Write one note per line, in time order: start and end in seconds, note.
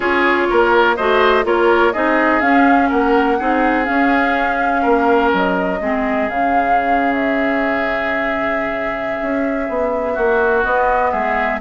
0.00 0.46 C#4
0.00 0.96 F4
0.00 0.47 G#4
0.00 0.96 C#5
0.50 0.98 A#3
0.50 0.96 A#4
0.96 1.44 A3
0.96 1.43 F#4
0.96 1.44 C5
0.96 1.44 D#5
1.43 1.93 A#3
1.43 1.91 F4
1.43 1.93 A#4
1.43 1.92 C#5
1.92 2.41 C4
1.92 2.41 D#4
1.92 2.89 G#4
1.92 2.40 D#5
2.40 2.89 C#4
2.40 3.38 C#4
2.40 2.89 F5
2.89 3.40 A#3
2.89 3.37 A#4
2.89 3.85 F#5
3.38 3.88 C4
3.38 3.84 D#4
3.38 4.82 G#4
3.84 5.78 C#4
3.84 4.85 C#4
3.84 5.30 F5
4.82 5.33 A#3
4.82 5.78 A#4
5.33 5.80 F#3
5.33 6.29 D#5
5.80 6.28 G#3
5.80 6.30 C4
5.80 10.13 G#4
6.29 9.19 C#3
6.29 10.64 C#4
6.29 7.13 F5
7.13 10.63 E5
9.22 9.68 C#4
9.68 10.17 B3
10.13 10.64 A#3
10.13 11.10 F#4
10.63 11.12 B3
10.63 11.60 B3
10.63 11.11 D#5
11.11 11.60 G#3
11.11 11.59 G#4
11.11 11.59 E5